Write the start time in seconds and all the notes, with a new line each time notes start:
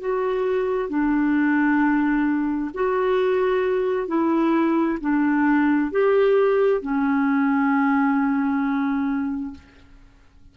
0.00 F#4
0.89 D4
2.74 F#4
4.07 E4
5.00 D4
5.91 G4
6.81 C#4